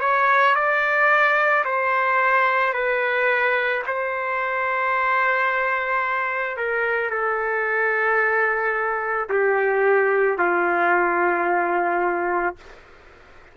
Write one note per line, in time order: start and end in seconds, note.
0.00 0.55 C#5
0.55 1.64 D5
1.64 2.73 C5
2.73 3.82 B4
3.87 6.57 C5
6.57 7.10 A#4
7.10 9.28 A4
9.29 10.38 G4
10.38 12.56 F4